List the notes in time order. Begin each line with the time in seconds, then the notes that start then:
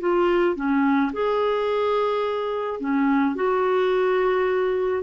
0.00 F4
0.56 C#4
1.13 G#4
2.80 C#4
3.35 F#4